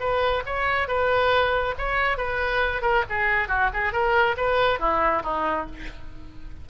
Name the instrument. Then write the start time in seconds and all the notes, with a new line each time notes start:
oboe
0.00 B4
0.46 C#5
0.88 B4
1.79 C#5
2.18 B4
2.82 A#4
3.10 G#4
3.48 F#4
3.74 G#4
3.93 A#4
4.37 B4
4.80 E4
5.23 D#4